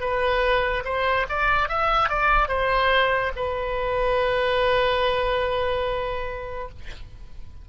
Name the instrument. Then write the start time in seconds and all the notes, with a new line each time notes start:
oboe
0.00 B4
0.84 C5
1.29 D5
1.69 E5
2.09 D5
2.48 C5
3.36 B4